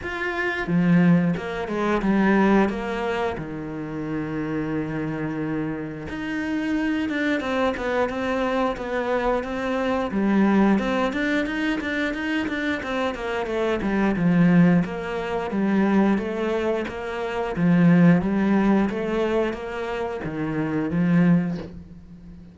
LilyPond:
\new Staff \with { instrumentName = "cello" } { \time 4/4 \tempo 4 = 89 f'4 f4 ais8 gis8 g4 | ais4 dis2.~ | dis4 dis'4. d'8 c'8 b8 | c'4 b4 c'4 g4 |
c'8 d'8 dis'8 d'8 dis'8 d'8 c'8 ais8 | a8 g8 f4 ais4 g4 | a4 ais4 f4 g4 | a4 ais4 dis4 f4 | }